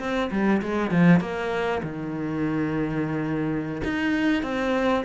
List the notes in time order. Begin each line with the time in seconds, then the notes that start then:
0.00 C4
0.31 G3
0.62 G#3
0.91 F3
1.21 A#3
1.83 D#3
3.85 D#4
4.43 C4